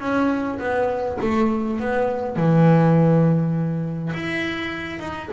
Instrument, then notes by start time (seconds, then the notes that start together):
double bass
0.00 C#4
0.59 B3
1.21 A3
1.80 B3
2.36 E3
4.14 E4
5.00 D#4